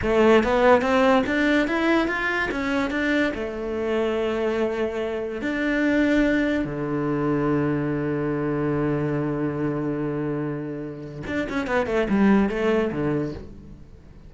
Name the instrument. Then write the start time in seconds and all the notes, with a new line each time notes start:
cello
0.02 A3
0.43 B3
0.81 C4
1.26 D4
1.67 E4
2.07 F4
2.51 C#4
2.90 D4
3.34 A3
5.41 D4
6.64 D3
11.26 D4
11.49 C#4
11.66 B3
11.86 A3
12.09 G3
12.49 A3
12.92 D3